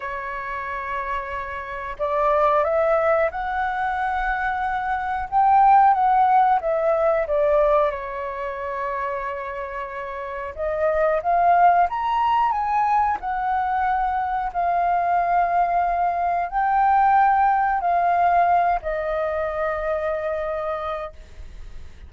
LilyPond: \new Staff \with { instrumentName = "flute" } { \time 4/4 \tempo 4 = 91 cis''2. d''4 | e''4 fis''2. | g''4 fis''4 e''4 d''4 | cis''1 |
dis''4 f''4 ais''4 gis''4 | fis''2 f''2~ | f''4 g''2 f''4~ | f''8 dis''2.~ dis''8 | }